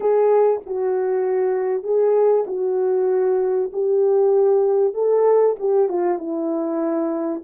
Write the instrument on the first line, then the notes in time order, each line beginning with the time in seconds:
horn
0.00 G#4
0.66 F#4
1.83 G#4
2.47 F#4
3.72 G4
4.93 A4
5.59 G4
5.88 F4
6.18 E4